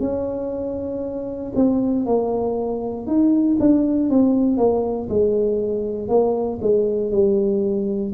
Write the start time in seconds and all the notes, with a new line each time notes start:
0.00 C#4
1.55 C4
2.05 A#3
3.06 D#4
3.60 D4
4.09 C4
4.57 A#3
5.09 G#3
6.08 A#3
6.61 G#3
7.11 G3